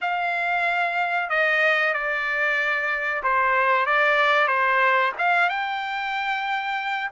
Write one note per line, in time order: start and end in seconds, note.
0.01 1.29 F5
1.29 1.93 D#5
1.93 3.22 D5
3.23 3.85 C5
3.85 4.47 D5
4.47 5.12 C5
5.18 5.49 F5
5.49 7.10 G5